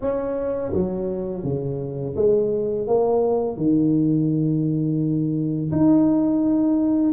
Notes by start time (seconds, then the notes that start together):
0.01 C#4
0.72 F#3
1.43 C#3
2.16 G#3
2.87 A#3
3.56 D#3
5.71 D#4